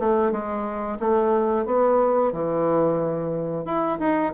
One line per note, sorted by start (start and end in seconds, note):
0.00 0.32 A3
0.32 0.98 G#3
1.00 1.66 A3
1.66 2.33 B3
2.33 3.65 E3
3.65 3.98 E4
3.99 4.33 D#4